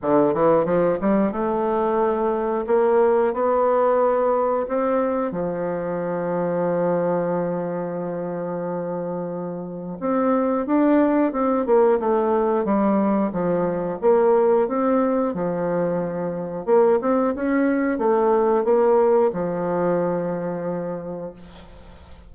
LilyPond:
\new Staff \with { instrumentName = "bassoon" } { \time 4/4 \tempo 4 = 90 d8 e8 f8 g8 a2 | ais4 b2 c'4 | f1~ | f2. c'4 |
d'4 c'8 ais8 a4 g4 | f4 ais4 c'4 f4~ | f4 ais8 c'8 cis'4 a4 | ais4 f2. | }